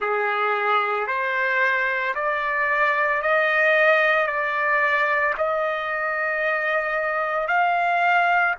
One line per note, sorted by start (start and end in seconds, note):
0.00 1.07 G#4
1.07 2.14 C5
2.14 3.21 D5
3.21 4.27 D#5
4.27 5.34 D5
5.37 7.47 D#5
7.47 8.55 F5